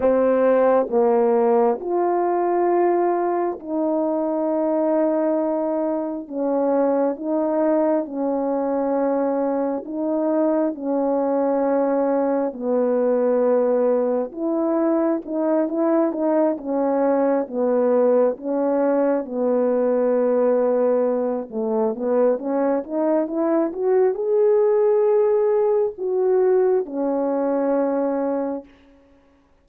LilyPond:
\new Staff \with { instrumentName = "horn" } { \time 4/4 \tempo 4 = 67 c'4 ais4 f'2 | dis'2. cis'4 | dis'4 cis'2 dis'4 | cis'2 b2 |
e'4 dis'8 e'8 dis'8 cis'4 b8~ | b8 cis'4 b2~ b8 | a8 b8 cis'8 dis'8 e'8 fis'8 gis'4~ | gis'4 fis'4 cis'2 | }